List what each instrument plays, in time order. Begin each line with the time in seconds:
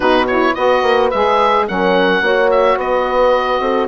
0.00 bassoon B2, saxophone D#4, horn F#4, oboe B4
0.27 saxophone E4, oboe C#5
0.54 bassoon B3, saxophone F#4, horn B4, oboe D#5
0.83 bassoon A#3
1.10 bassoon G#3, saxophone G#4, oboe E5
1.68 bassoon F#3, saxophone C#4, horn A#4, oboe F#5
2.21 bassoon A#3, saxophone F#4, horn C#5
2.50 oboe E5
2.76 bassoon B3, horn B4, oboe D#5
3.59 bassoon C4, horn A4